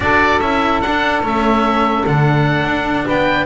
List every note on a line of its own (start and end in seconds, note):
0.00 0.40 D4
0.00 0.40 F#4
0.00 3.05 A4
0.00 0.40 D5
0.40 0.81 C#4
0.40 0.82 E4
0.40 0.81 E5
0.81 1.22 D4
0.81 1.23 D4
0.81 1.22 F#5
1.22 2.04 A3
1.22 2.05 C#4
1.22 2.06 E5
2.06 2.64 D3
2.06 3.45 D4
2.06 3.08 F#5
2.64 3.04 D4
3.05 3.45 B3
3.05 3.45 B4
3.05 3.45 G5